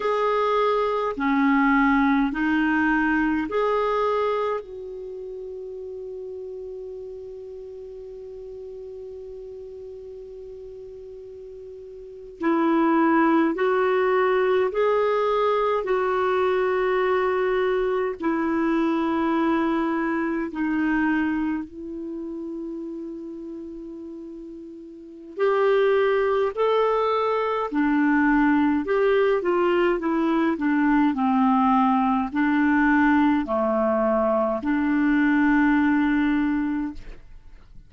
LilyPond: \new Staff \with { instrumentName = "clarinet" } { \time 4/4 \tempo 4 = 52 gis'4 cis'4 dis'4 gis'4 | fis'1~ | fis'2~ fis'8. e'4 fis'16~ | fis'8. gis'4 fis'2 e'16~ |
e'4.~ e'16 dis'4 e'4~ e'16~ | e'2 g'4 a'4 | d'4 g'8 f'8 e'8 d'8 c'4 | d'4 a4 d'2 | }